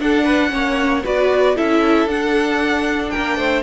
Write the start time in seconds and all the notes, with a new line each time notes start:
0.00 D4 A4 F#5
0.24 B4
0.49 A#3 C#4 C#5
1.04 B3 F#4 B4 D5
1.56 C#4 E4 A4 E5
2.06 D4 F#5
3.10 A#4 G5
3.17 A#3
3.37 A3 C5